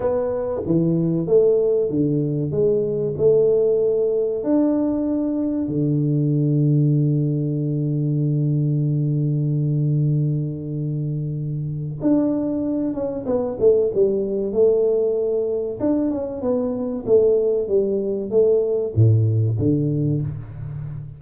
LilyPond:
\new Staff \with { instrumentName = "tuba" } { \time 4/4 \tempo 4 = 95 b4 e4 a4 d4 | gis4 a2 d'4~ | d'4 d2.~ | d1~ |
d2. d'4~ | d'8 cis'8 b8 a8 g4 a4~ | a4 d'8 cis'8 b4 a4 | g4 a4 a,4 d4 | }